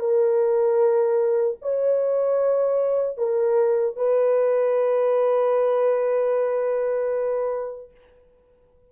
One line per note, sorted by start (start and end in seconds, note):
0.00 1.58 A#4
1.62 3.18 C#5
3.18 3.96 A#4
3.96 7.91 B4